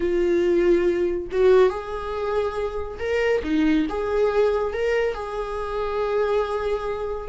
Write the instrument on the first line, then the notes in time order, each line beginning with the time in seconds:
viola
0.00 F4
1.31 F#4
1.69 G#4
2.99 A#4
3.43 D#4
3.89 G#4
4.73 A#4
5.14 G#4